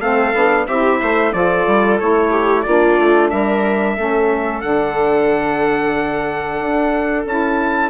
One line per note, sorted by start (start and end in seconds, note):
0.00 0.33 A3
0.00 0.34 C4
0.00 0.66 A4
0.00 0.66 F5
0.34 0.67 B3
0.34 0.67 D4
0.67 1.00 C4
0.67 1.33 E4
0.67 1.00 G4
0.67 1.32 E5
1.00 1.33 A3
1.00 1.33 C5
1.32 1.66 F3
1.32 1.99 F4
1.32 2.30 A4
1.32 1.98 D5
1.67 2.00 G3
1.99 2.66 A3
1.99 2.65 E4
1.99 2.62 C#5
2.30 2.63 G4
2.62 2.98 A#3
2.62 3.97 D4
2.62 3.32 F4
2.62 3.28 D5
2.98 3.31 A3
3.30 3.98 G3
3.30 3.97 A#4
3.30 4.61 E5
3.97 4.63 A3
3.97 4.63 C#4
3.97 7.90 A4
4.61 6.60 D3
4.61 7.26 D4
4.61 7.25 F#5
6.60 7.26 D4
7.26 7.90 C#4
7.26 7.90 E4
7.26 7.90 A5